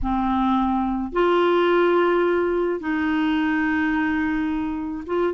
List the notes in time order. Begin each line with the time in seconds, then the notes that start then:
0.02 C4
1.12 F4
2.80 D#4
5.06 F4